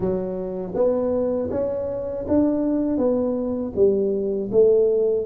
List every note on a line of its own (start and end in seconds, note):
0.00 0.73 F#3
0.74 1.49 B3
1.50 2.25 C#4
2.28 2.97 D4
2.97 3.72 B3
3.75 4.50 G3
4.51 5.26 A3